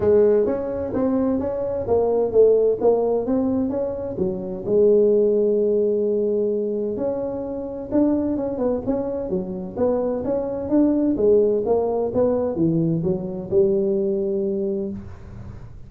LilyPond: \new Staff \with { instrumentName = "tuba" } { \time 4/4 \tempo 4 = 129 gis4 cis'4 c'4 cis'4 | ais4 a4 ais4 c'4 | cis'4 fis4 gis2~ | gis2. cis'4~ |
cis'4 d'4 cis'8 b8 cis'4 | fis4 b4 cis'4 d'4 | gis4 ais4 b4 e4 | fis4 g2. | }